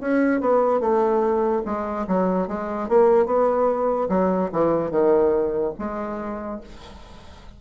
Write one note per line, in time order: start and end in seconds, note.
0.00 0.40 C#4
0.40 0.80 B3
0.80 1.62 A3
1.65 2.06 G#3
2.07 2.47 F#3
2.47 2.88 G#3
2.88 3.25 A#3
3.25 4.08 B3
4.09 4.50 F#3
4.52 4.91 E3
4.91 5.73 D#3
5.78 6.60 G#3